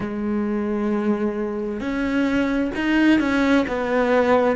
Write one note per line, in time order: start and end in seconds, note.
0.00 1.80 G#3
1.80 2.71 C#4
2.75 3.19 D#4
3.19 3.65 C#4
3.67 4.56 B3